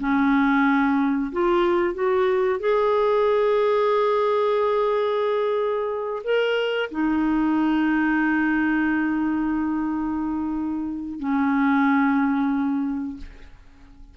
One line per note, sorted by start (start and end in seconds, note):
0.00 1.32 C#4
1.32 1.94 F4
1.94 2.60 F#4
2.60 6.23 G#4
6.24 6.90 A#4
6.91 11.20 D#4
11.20 13.17 C#4